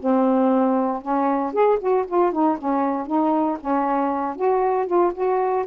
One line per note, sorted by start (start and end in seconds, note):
0.00 1.02 C4
1.02 1.53 C#4
1.53 1.79 G#4
1.79 2.05 F#4
2.07 2.32 F4
2.32 2.58 D#4
2.58 3.07 C#4
3.07 3.58 D#4
3.60 4.36 C#4
4.36 4.87 F#4
4.87 5.12 F4
5.14 5.65 F#4